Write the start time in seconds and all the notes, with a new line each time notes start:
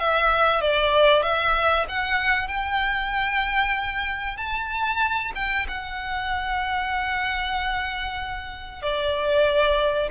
0.00 E5
0.62 D5
1.23 E5
1.89 F#5
2.48 G5
4.38 A5
5.35 G5
5.69 F#5
8.83 D5